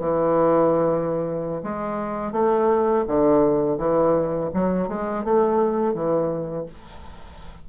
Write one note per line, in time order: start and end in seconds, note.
0.00 1.63 E3
1.63 2.33 G#3
2.33 3.05 A3
3.08 3.78 D3
3.78 4.50 E3
4.54 4.89 F#3
4.89 5.24 G#3
5.24 5.94 A3
5.94 6.66 E3